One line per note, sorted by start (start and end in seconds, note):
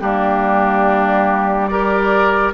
0.00 2.53 G3
0.00 1.70 A#3
0.00 1.70 D4
0.00 1.67 G4
1.67 2.53 G4
1.67 2.53 A#4
1.67 2.52 D5